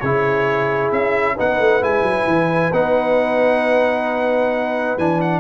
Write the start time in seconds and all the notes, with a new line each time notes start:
0.00 C#3 E4 G#4 C#5
0.92 C#4 E5
1.36 B3 D#4 B4 F#5
1.59 A3
1.82 G#3 E4 G#5
2.03 F#3
2.27 E3
2.73 B3 D#4 F#5
4.98 E3 D4 G#5
5.21 F#5